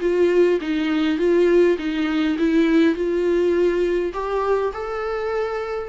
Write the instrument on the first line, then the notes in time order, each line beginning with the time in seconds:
viola
0.00 F4
0.61 D#4
1.18 F4
1.78 D#4
2.39 E4
2.94 F4
4.13 G4
4.72 A4